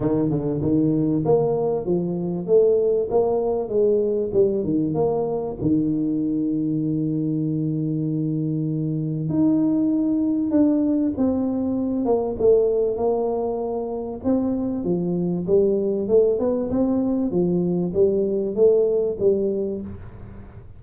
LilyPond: \new Staff \with { instrumentName = "tuba" } { \time 4/4 \tempo 4 = 97 dis8 d8 dis4 ais4 f4 | a4 ais4 gis4 g8 dis8 | ais4 dis2.~ | dis2. dis'4~ |
dis'4 d'4 c'4. ais8 | a4 ais2 c'4 | f4 g4 a8 b8 c'4 | f4 g4 a4 g4 | }